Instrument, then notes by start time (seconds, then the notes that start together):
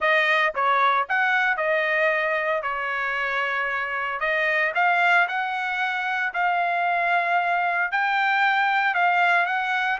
trumpet
0.00 D#5
0.54 C#5
1.08 F#5
1.56 D#5
2.62 C#5
4.19 D#5
4.75 F5
5.28 F#5
6.33 F5
7.91 G5
8.94 F5
9.46 F#5